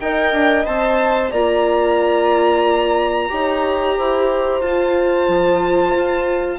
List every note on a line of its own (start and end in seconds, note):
0.00 0.33 D#4
0.00 0.66 A#4
0.00 1.31 D#5
0.00 0.66 G5
0.33 0.66 D4
0.66 1.32 C4
0.66 1.31 C5
0.66 1.32 A5
1.31 3.30 A#3
1.31 3.29 F4
1.31 3.29 D5
1.31 4.61 A#5
3.29 3.98 D#4
3.29 4.60 G4
3.29 3.97 C#5
3.97 4.61 E4
3.97 6.59 C5
4.60 6.58 F4
4.60 5.27 F4
4.60 6.59 A5
5.28 5.94 F3
5.96 6.59 F4